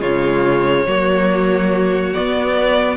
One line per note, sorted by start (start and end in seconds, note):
0.00 0.86 C#3
0.00 0.85 G#3
0.00 0.86 F4
0.00 2.13 C#5
0.86 2.14 F#3
0.86 2.15 A#3
0.86 2.97 F#4
2.13 2.97 B3
2.13 2.97 D5